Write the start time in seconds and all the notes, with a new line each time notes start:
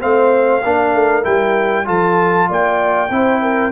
0.00 A3 C4 C5 F5
0.64 A#3 D4 A#4
0.94 A3
1.23 G3 E4 G5
1.85 F3 F4 A4 A5
2.49 A#3 D5 G5
3.10 C4 E4 C5
3.42 A#4